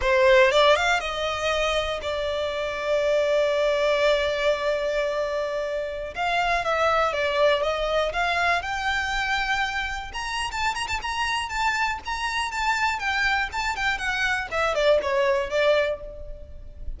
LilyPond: \new Staff \with { instrumentName = "violin" } { \time 4/4 \tempo 4 = 120 c''4 d''8 f''8 dis''2 | d''1~ | d''1~ | d''16 f''4 e''4 d''4 dis''8.~ |
dis''16 f''4 g''2~ g''8.~ | g''16 ais''8. a''8 ais''16 a''16 ais''4 a''4 | ais''4 a''4 g''4 a''8 g''8 | fis''4 e''8 d''8 cis''4 d''4 | }